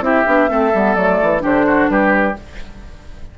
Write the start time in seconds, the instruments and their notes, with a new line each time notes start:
0.00 bassoon C4, clarinet E4, oboe G4, flute E5
0.26 bassoon B3, clarinet D4
0.48 bassoon A3, clarinet C4, oboe A4
0.74 bassoon G3, clarinet B3
0.94 bassoon F#3, clarinet A3, flute D5
1.23 bassoon E3
1.40 bassoon D3, clarinet D4, oboe G4, flute C5
1.67 oboe F#4
1.89 bassoon G3, oboe G4, flute B4